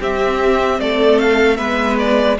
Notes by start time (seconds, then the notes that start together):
0.00 C4 G4 E5
0.79 A3 A4 D5
1.18 F5
1.56 G#3 B3 B4 E5
1.98 D5